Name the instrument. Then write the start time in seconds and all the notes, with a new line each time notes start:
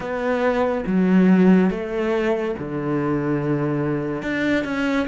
cello
0.00 B3
0.86 F#3
1.70 A3
2.58 D3
4.22 D4
4.64 C#4